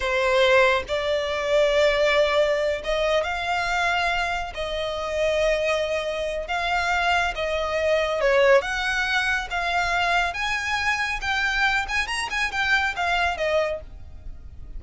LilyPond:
\new Staff \with { instrumentName = "violin" } { \time 4/4 \tempo 4 = 139 c''2 d''2~ | d''2~ d''8 dis''4 f''8~ | f''2~ f''8 dis''4.~ | dis''2. f''4~ |
f''4 dis''2 cis''4 | fis''2 f''2 | gis''2 g''4. gis''8 | ais''8 gis''8 g''4 f''4 dis''4 | }